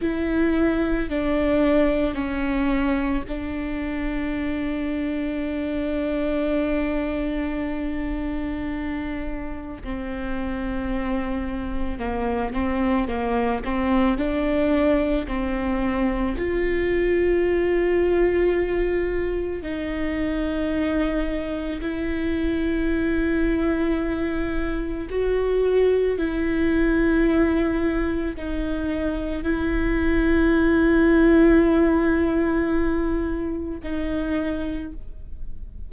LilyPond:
\new Staff \with { instrumentName = "viola" } { \time 4/4 \tempo 4 = 55 e'4 d'4 cis'4 d'4~ | d'1~ | d'4 c'2 ais8 c'8 | ais8 c'8 d'4 c'4 f'4~ |
f'2 dis'2 | e'2. fis'4 | e'2 dis'4 e'4~ | e'2. dis'4 | }